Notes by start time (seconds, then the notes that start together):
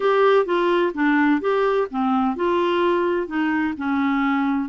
0.00 G4
0.45 F4
0.94 D4
1.40 G4
1.90 C4
2.35 F4
3.27 D#4
3.77 C#4